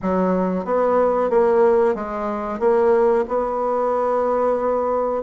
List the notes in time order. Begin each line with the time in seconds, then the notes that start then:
0.01 F#3
0.64 B3
1.30 A#3
1.94 G#3
2.59 A#3
3.28 B3